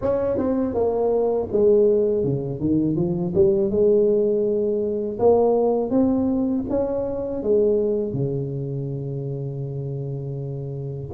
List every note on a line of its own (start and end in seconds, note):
0.01 0.37 C#4
0.37 0.74 C4
0.74 1.48 A#3
1.52 2.24 G#3
2.24 2.60 C#3
2.60 2.96 D#3
2.96 3.33 F3
3.34 3.70 G3
3.70 5.18 G#3
5.19 5.90 A#3
5.90 6.64 C4
6.69 7.43 C#4
7.43 8.13 G#3
8.13 11.09 C#3